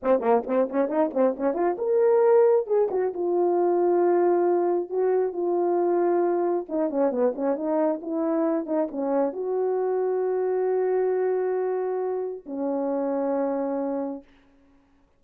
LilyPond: \new Staff \with { instrumentName = "horn" } { \time 4/4 \tempo 4 = 135 c'8 ais8 c'8 cis'8 dis'8 c'8 cis'8 f'8 | ais'2 gis'8 fis'8 f'4~ | f'2. fis'4 | f'2. dis'8 cis'8 |
b8 cis'8 dis'4 e'4. dis'8 | cis'4 fis'2.~ | fis'1 | cis'1 | }